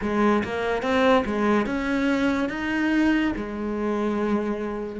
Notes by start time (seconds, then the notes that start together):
0.01 G#3
0.44 A#3
0.82 C4
1.25 G#3
1.66 C#4
2.49 D#4
3.35 G#3